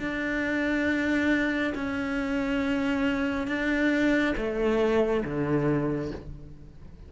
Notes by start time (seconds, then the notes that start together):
0.00 D4
1.75 C#4
3.48 D4
4.37 A3
5.25 D3